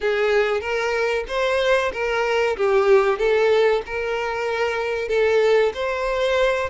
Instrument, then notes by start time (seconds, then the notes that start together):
violin
0.01 G#4
0.60 A#4
1.28 C5
1.92 A#4
2.56 G4
3.18 A4
3.86 A#4
5.08 A4
5.74 C5